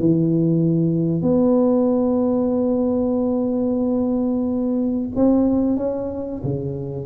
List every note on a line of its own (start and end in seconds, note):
0.00 1.23 E3
1.23 5.10 B3
5.16 5.77 C4
5.77 6.42 C#4
6.44 7.06 C#3